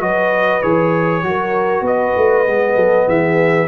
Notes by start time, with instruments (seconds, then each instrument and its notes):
0.00 tuba F#3, trombone F#4, horn B4, trumpet D#5
0.62 tuba E3, trombone G#4, trumpet C#5
1.23 tuba F#3, trombone F#4, horn A#4
1.81 tuba B3, horn B4, trumpet D#5
2.17 tuba A3
2.45 tuba G#3, trombone B3
2.75 tuba F#3, horn A4
3.07 tuba E3, horn G#4, trumpet E5